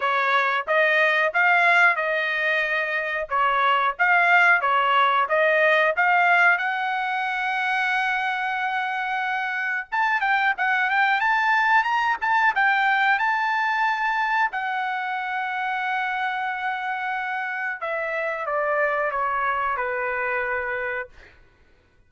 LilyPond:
\new Staff \with { instrumentName = "trumpet" } { \time 4/4 \tempo 4 = 91 cis''4 dis''4 f''4 dis''4~ | dis''4 cis''4 f''4 cis''4 | dis''4 f''4 fis''2~ | fis''2. a''8 g''8 |
fis''8 g''8 a''4 ais''8 a''8 g''4 | a''2 fis''2~ | fis''2. e''4 | d''4 cis''4 b'2 | }